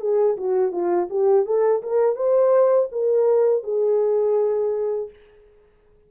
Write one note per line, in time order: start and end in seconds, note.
0.00 0.37 G#4
0.37 0.72 F#4
0.72 1.08 F4
1.10 1.45 G4
1.45 1.82 A4
1.82 2.16 A#4
2.16 2.89 C5
2.91 3.63 A#4
3.63 5.10 G#4